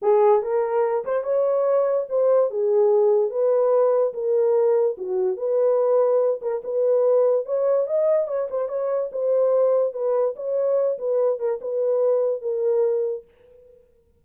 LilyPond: \new Staff \with { instrumentName = "horn" } { \time 4/4 \tempo 4 = 145 gis'4 ais'4. c''8 cis''4~ | cis''4 c''4 gis'2 | b'2 ais'2 | fis'4 b'2~ b'8 ais'8 |
b'2 cis''4 dis''4 | cis''8 c''8 cis''4 c''2 | b'4 cis''4. b'4 ais'8 | b'2 ais'2 | }